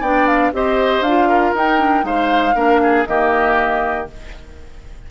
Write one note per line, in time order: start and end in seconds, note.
0.00 0.52 B3
0.00 0.53 D4
0.00 0.51 D5
0.00 0.26 G5
0.26 0.52 F5
0.53 1.00 C4
0.53 1.04 G4
0.53 1.28 C5
0.53 1.03 D#5
1.00 1.51 D4
1.00 1.53 F5
1.07 1.56 F4
1.28 2.05 A#4
1.54 2.03 D#4
1.54 1.78 D#4
1.54 2.06 G5
1.78 2.01 D4
2.01 2.54 G#3
2.01 2.52 D#4
2.01 2.55 C5
2.01 3.06 F5
2.55 3.05 A#3
2.55 3.06 D4
2.55 2.80 A#4
2.82 3.08 G#4
3.06 4.09 D#3
3.06 4.07 A#3
3.06 4.10 G4
3.06 4.07 D#5